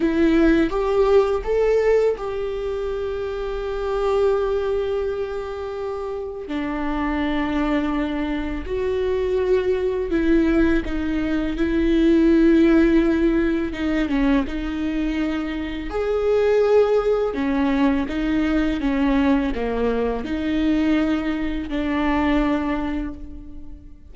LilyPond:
\new Staff \with { instrumentName = "viola" } { \time 4/4 \tempo 4 = 83 e'4 g'4 a'4 g'4~ | g'1~ | g'4 d'2. | fis'2 e'4 dis'4 |
e'2. dis'8 cis'8 | dis'2 gis'2 | cis'4 dis'4 cis'4 ais4 | dis'2 d'2 | }